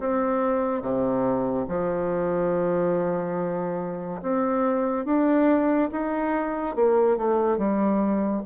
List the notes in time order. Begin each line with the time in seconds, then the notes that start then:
0.00 C4
0.82 C3
1.68 F3
4.22 C4
5.06 D4
5.92 D#4
6.76 A#3
7.18 A3
7.58 G3